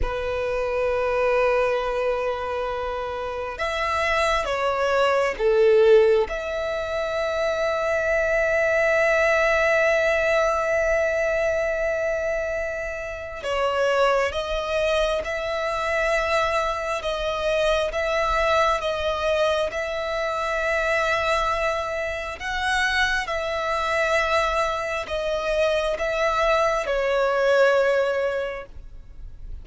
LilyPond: \new Staff \with { instrumentName = "violin" } { \time 4/4 \tempo 4 = 67 b'1 | e''4 cis''4 a'4 e''4~ | e''1~ | e''2. cis''4 |
dis''4 e''2 dis''4 | e''4 dis''4 e''2~ | e''4 fis''4 e''2 | dis''4 e''4 cis''2 | }